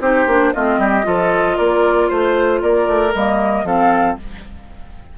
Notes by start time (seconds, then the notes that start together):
0.00 C4 D#4 G4 C5
0.27 A#3 D4
0.54 A3 C4 F4 D#5
0.78 G3 G4
1.04 F3 F4 A4
1.57 A#3 A#4 D5
2.08 A3 C5
2.62 A#3 A#4 D5
2.88 A3
3.14 G3 A#3 D#5
3.64 F3 C4 A4 F5